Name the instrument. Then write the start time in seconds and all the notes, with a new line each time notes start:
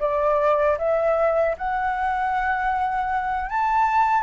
flute
0.00 D5
0.78 E5
1.58 F#5
3.50 A5